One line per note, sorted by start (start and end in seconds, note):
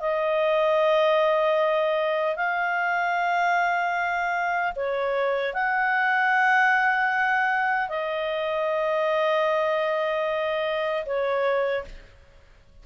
0.00 2.36 D#5
2.36 4.73 F5
4.75 5.53 C#5
5.53 7.89 F#5
7.89 11.05 D#5
11.06 11.85 C#5